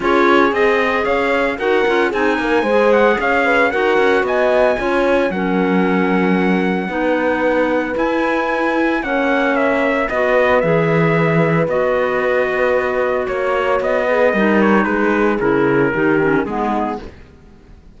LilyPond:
<<
  \new Staff \with { instrumentName = "trumpet" } { \time 4/4 \tempo 4 = 113 cis''4 dis''4 f''4 fis''4 | gis''4. fis''8 f''4 fis''4 | gis''2 fis''2~ | fis''2. gis''4~ |
gis''4 fis''4 e''4 dis''4 | e''2 dis''2~ | dis''4 cis''4 dis''4. cis''8 | b'4 ais'2 gis'4 | }
  \new Staff \with { instrumentName = "horn" } { \time 4/4 gis'2 cis''4 ais'4 | gis'8 ais'8 c''4 cis''8 b'8 ais'4 | dis''4 cis''4 ais'2~ | ais'4 b'2.~ |
b'4 cis''2 b'4~ | b'1~ | b'4 cis''4. b'8 ais'4 | gis'2 g'4 dis'4 | }
  \new Staff \with { instrumentName = "clarinet" } { \time 4/4 f'4 gis'2 fis'8 f'8 | dis'4 gis'2 fis'4~ | fis'4 f'4 cis'2~ | cis'4 dis'2 e'4~ |
e'4 cis'2 fis'4 | gis'2 fis'2~ | fis'2~ fis'8 gis'8 dis'4~ | dis'4 e'4 dis'8 cis'8 b4 | }
  \new Staff \with { instrumentName = "cello" } { \time 4/4 cis'4 c'4 cis'4 dis'8 cis'8 | c'8 ais8 gis4 cis'4 dis'8 cis'8 | b4 cis'4 fis2~ | fis4 b2 e'4~ |
e'4 ais2 b4 | e2 b2~ | b4 ais4 b4 g4 | gis4 cis4 dis4 gis4 | }
>>